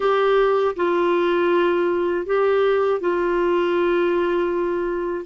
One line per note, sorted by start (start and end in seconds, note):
0.00 0.75 G4
0.75 2.25 F4
2.26 3.00 G4
3.00 5.25 F4